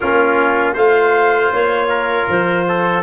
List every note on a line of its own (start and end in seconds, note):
0.00 0.75 A#3
0.00 0.75 C#4
0.00 0.74 F4
0.00 0.73 A#4
0.74 1.51 A3
0.74 3.03 F4
0.74 1.87 C5
0.74 1.52 F5
1.51 2.27 A#3
1.51 2.28 C#5
1.89 2.65 A#4
2.28 3.03 F3
2.28 3.03 C5
2.68 3.03 A4